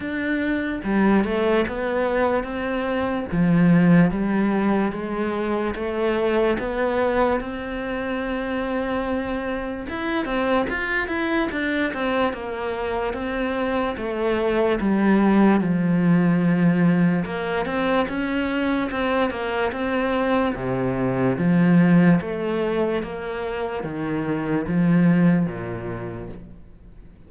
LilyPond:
\new Staff \with { instrumentName = "cello" } { \time 4/4 \tempo 4 = 73 d'4 g8 a8 b4 c'4 | f4 g4 gis4 a4 | b4 c'2. | e'8 c'8 f'8 e'8 d'8 c'8 ais4 |
c'4 a4 g4 f4~ | f4 ais8 c'8 cis'4 c'8 ais8 | c'4 c4 f4 a4 | ais4 dis4 f4 ais,4 | }